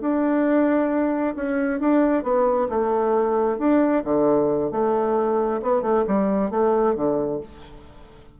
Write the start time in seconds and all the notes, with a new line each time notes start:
0.00 D4
1.35 C#4
1.80 D4
2.23 B3
2.69 A3
3.58 D4
4.04 D3
4.71 A3
5.62 B3
5.81 A3
6.07 G3
6.50 A3
6.95 D3